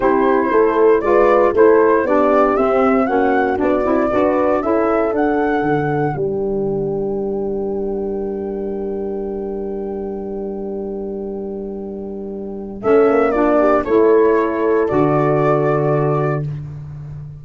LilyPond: <<
  \new Staff \with { instrumentName = "flute" } { \time 4/4 \tempo 4 = 117 c''2 d''4 c''4 | d''4 e''4 fis''4 d''4~ | d''4 e''4 fis''2 | g''1~ |
g''1~ | g''1~ | g''4 e''4 d''4 cis''4~ | cis''4 d''2. | }
  \new Staff \with { instrumentName = "horn" } { \time 4/4 g'4 a'4 b'4 a'4 | g'2 fis'2 | b'4 a'2. | ais'1~ |
ais'1~ | ais'1~ | ais'4 a'4 f'8 g'8 a'4~ | a'1 | }
  \new Staff \with { instrumentName = "saxophone" } { \time 4/4 e'2 f'4 e'4 | d'4 c'4 cis'4 d'8 e'8 | fis'4 e'4 d'2~ | d'1~ |
d'1~ | d'1~ | d'4 cis'4 d'4 e'4~ | e'4 fis'2. | }
  \new Staff \with { instrumentName = "tuba" } { \time 4/4 c'4 a4 gis4 a4 | b4 c'4 ais4 b8 c'8 | d'4 cis'4 d'4 d4 | g1~ |
g1~ | g1~ | g4 a8 ais4. a4~ | a4 d2. | }
>>